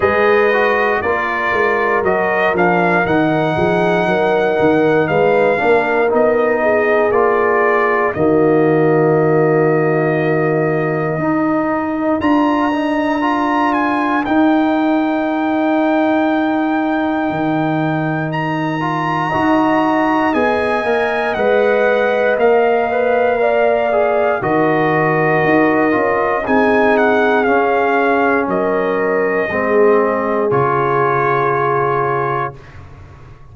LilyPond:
<<
  \new Staff \with { instrumentName = "trumpet" } { \time 4/4 \tempo 4 = 59 dis''4 d''4 dis''8 f''8 fis''4~ | fis''4 f''4 dis''4 d''4 | dis''1 | ais''4. gis''8 g''2~ |
g''2 ais''2 | gis''4 fis''4 f''2 | dis''2 gis''8 fis''8 f''4 | dis''2 cis''2 | }
  \new Staff \with { instrumentName = "horn" } { \time 4/4 b'4 ais'2~ ais'8 gis'8 | ais'4 b'8 ais'4 gis'4. | fis'2. ais'4~ | ais'1~ |
ais'2. dis''4~ | dis''2. d''4 | ais'2 gis'2 | ais'4 gis'2. | }
  \new Staff \with { instrumentName = "trombone" } { \time 4/4 gis'8 fis'8 f'4 fis'8 d'8 dis'4~ | dis'4. d'8 dis'4 f'4 | ais2. dis'4 | f'8 dis'8 f'4 dis'2~ |
dis'2~ dis'8 f'8 fis'4 | gis'8 ais'8 b'4 ais'8 b'8 ais'8 gis'8 | fis'4. f'8 dis'4 cis'4~ | cis'4 c'4 f'2 | }
  \new Staff \with { instrumentName = "tuba" } { \time 4/4 gis4 ais8 gis8 fis8 f8 dis8 f8 | fis8 dis8 gis8 ais8 b4 ais4 | dis2. dis'4 | d'2 dis'2~ |
dis'4 dis2 dis'4 | b8 ais8 gis4 ais2 | dis4 dis'8 cis'8 c'4 cis'4 | fis4 gis4 cis2 | }
>>